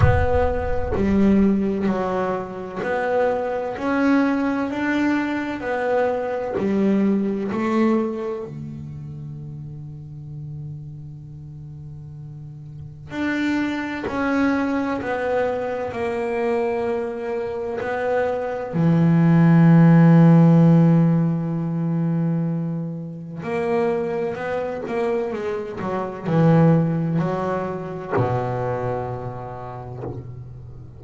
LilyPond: \new Staff \with { instrumentName = "double bass" } { \time 4/4 \tempo 4 = 64 b4 g4 fis4 b4 | cis'4 d'4 b4 g4 | a4 d2.~ | d2 d'4 cis'4 |
b4 ais2 b4 | e1~ | e4 ais4 b8 ais8 gis8 fis8 | e4 fis4 b,2 | }